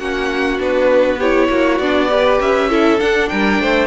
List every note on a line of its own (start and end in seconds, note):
0.00 0.60 A#3
0.00 0.59 C#4
0.00 1.19 F#4
0.00 0.60 F#5
0.59 1.49 B3
0.59 1.19 D4
0.59 1.21 B4
1.19 1.82 E4
1.19 1.49 G4
1.19 1.79 C#5
1.49 1.79 A#3
1.49 2.10 F#4
1.79 2.39 B3
1.79 2.10 D4
1.79 2.39 D5
2.10 2.70 G4
2.10 2.70 B4
2.40 3.00 C#4
2.40 3.00 E5
2.70 2.99 E4
2.70 3.30 A4
2.99 3.87 D4
2.99 3.32 D4
2.99 3.29 F#5
3.29 3.60 G3
3.29 3.62 A#4
3.29 3.87 G5
3.60 3.87 A3
3.60 3.87 C5